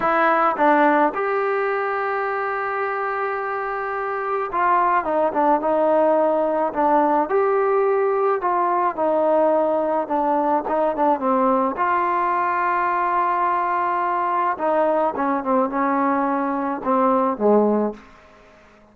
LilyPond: \new Staff \with { instrumentName = "trombone" } { \time 4/4 \tempo 4 = 107 e'4 d'4 g'2~ | g'1 | f'4 dis'8 d'8 dis'2 | d'4 g'2 f'4 |
dis'2 d'4 dis'8 d'8 | c'4 f'2.~ | f'2 dis'4 cis'8 c'8 | cis'2 c'4 gis4 | }